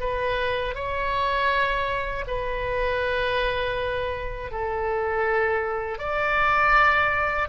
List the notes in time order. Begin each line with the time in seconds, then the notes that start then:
0.00 B4
0.75 C#5
2.28 B4
4.52 A4
5.99 D5